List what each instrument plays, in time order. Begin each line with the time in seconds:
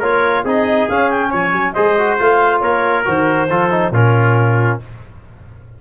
0.00 tuba A#3, trombone F4, trumpet A#4, clarinet C#5
0.44 tuba C4, trombone D#4, trumpet G#4, clarinet D#5
0.89 trombone C#4, tuba C#4, clarinet F5
1.11 clarinet G5
1.30 tuba F3, trumpet C#5, clarinet G#5
1.53 tuba F#3
1.73 tuba G#3, trombone G#4, trumpet C5, clarinet D#5
1.98 trombone F#4
2.19 tuba A3, trombone F4, clarinet F5
2.60 tuba A#3, trumpet A#4, clarinet C#5
3.05 tuba D#3, trombone F#4, clarinet C5
3.50 tuba F3, trombone F4, trumpet A4
3.71 trombone D#4
3.91 tuba A#2, trombone C#4, trumpet F4, clarinet A#4